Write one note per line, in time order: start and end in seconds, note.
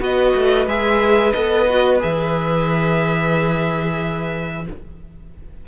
0.00 0.34 B3
0.00 0.66 F#4
0.00 4.62 B4
0.00 0.68 D#5
0.35 0.67 A3
0.67 1.33 G#3
0.67 1.35 G#4
0.67 1.33 E5
1.33 2.02 B3
1.33 1.68 A4
1.33 1.99 D#5
1.70 2.00 F#4
2.00 4.68 E3
2.00 4.64 G#4
2.00 4.66 E5